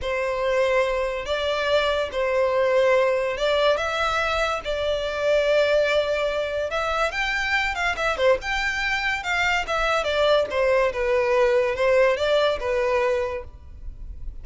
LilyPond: \new Staff \with { instrumentName = "violin" } { \time 4/4 \tempo 4 = 143 c''2. d''4~ | d''4 c''2. | d''4 e''2 d''4~ | d''1 |
e''4 g''4. f''8 e''8 c''8 | g''2 f''4 e''4 | d''4 c''4 b'2 | c''4 d''4 b'2 | }